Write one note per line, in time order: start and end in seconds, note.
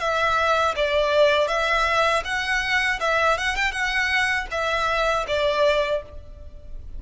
0.00 0.75 E5
0.76 1.48 D5
1.48 2.23 E5
2.25 3.00 F#5
3.01 3.38 E5
3.38 3.56 F#5
3.56 3.72 G5
3.72 4.47 F#5
4.51 5.26 E5
5.28 6.03 D5